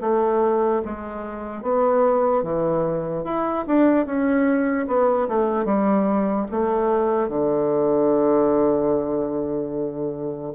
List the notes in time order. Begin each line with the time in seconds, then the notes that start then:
0.00 A3
0.85 G#3
1.62 B3
2.43 E3
3.24 E4
3.67 D4
4.05 C#4
4.87 B3
5.28 A3
5.65 G3
6.50 A3
7.28 D3